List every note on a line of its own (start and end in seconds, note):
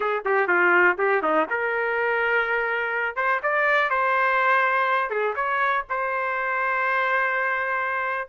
0.00 0.23 G#4
0.25 0.47 G4
0.47 0.96 F4
0.98 1.22 G4
1.22 1.47 D#4
1.50 3.16 A#4
3.16 3.40 C5
3.43 3.89 D5
3.89 5.10 C5
5.10 5.34 G#4
5.35 5.84 C#5
5.89 8.28 C5